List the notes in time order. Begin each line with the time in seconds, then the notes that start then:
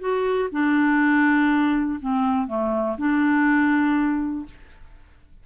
0.00 F#4
0.52 D4
2.01 C4
2.47 A3
2.98 D4